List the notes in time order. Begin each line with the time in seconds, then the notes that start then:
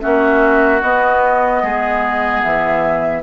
0.00 A#3 C#4 F#4 E5
0.81 B3 D#5
1.62 G#3 G#4
2.42 E3 E5